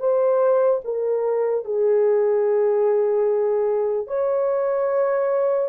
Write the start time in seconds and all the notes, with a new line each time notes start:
0.00 C5
0.85 A#4
1.65 G#4
4.08 C#5